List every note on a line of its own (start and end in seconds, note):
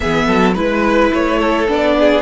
0.00 0.27 E3
0.00 0.56 B3
0.00 0.27 G#4
0.00 0.53 E5
0.27 0.55 F#3
0.27 0.54 A4
0.54 1.11 G#3
0.54 1.67 E4
0.54 1.38 B4
0.54 1.12 B4
1.13 1.68 A3
1.13 1.69 C#5
1.38 1.94 A4
1.67 2.22 B3
1.67 2.22 D4
1.67 2.22 D5
1.98 2.22 G#4